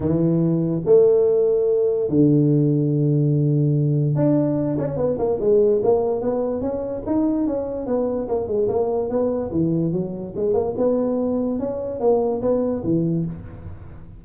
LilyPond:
\new Staff \with { instrumentName = "tuba" } { \time 4/4 \tempo 4 = 145 e2 a2~ | a4 d2.~ | d2 d'4. cis'8 | b8 ais8 gis4 ais4 b4 |
cis'4 dis'4 cis'4 b4 | ais8 gis8 ais4 b4 e4 | fis4 gis8 ais8 b2 | cis'4 ais4 b4 e4 | }